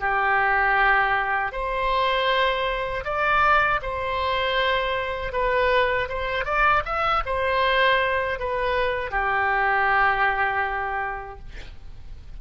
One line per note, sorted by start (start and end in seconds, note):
0.00 1.52 G4
1.52 3.04 C5
3.04 3.80 D5
3.82 5.33 C5
5.33 6.09 B4
6.09 6.45 C5
6.45 6.83 D5
6.85 7.23 E5
7.26 8.40 C5
8.40 9.11 B4
9.11 11.39 G4